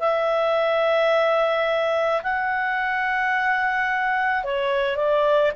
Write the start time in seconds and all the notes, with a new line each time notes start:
0.00 E5
2.23 F#5
4.44 C#5
4.97 D5